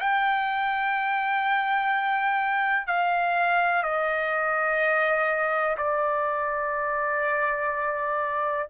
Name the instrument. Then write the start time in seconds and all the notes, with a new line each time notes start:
trumpet
0.00 G5
2.88 F5
3.84 D#5
5.78 D5